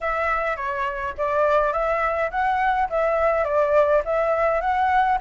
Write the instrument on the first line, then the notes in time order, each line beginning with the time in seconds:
flute
0.00 E5
0.56 C#5
1.17 D5
1.72 E5
2.30 F#5
2.89 E5
3.44 D5
4.05 E5
4.60 F#5